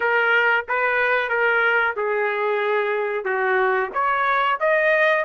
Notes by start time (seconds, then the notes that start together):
0.00 A#4
0.68 B4
1.29 A#4
1.96 G#4
3.24 F#4
3.93 C#5
4.60 D#5